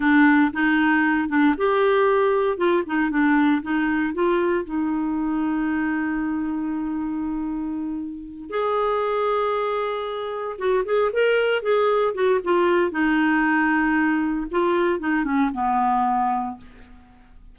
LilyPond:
\new Staff \with { instrumentName = "clarinet" } { \time 4/4 \tempo 4 = 116 d'4 dis'4. d'8 g'4~ | g'4 f'8 dis'8 d'4 dis'4 | f'4 dis'2.~ | dis'1~ |
dis'8 gis'2.~ gis'8~ | gis'8 fis'8 gis'8 ais'4 gis'4 fis'8 | f'4 dis'2. | f'4 dis'8 cis'8 b2 | }